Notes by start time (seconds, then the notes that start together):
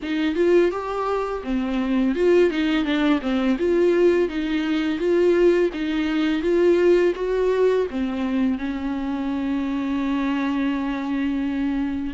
0.02 D#4
0.35 F4
0.71 G4
1.43 C4
2.15 F4
2.50 D#4
2.84 D4
3.21 C4
3.58 F4
4.29 D#4
4.98 F4
5.73 D#4
6.42 F4
7.15 F#4
7.90 C4
8.58 C#4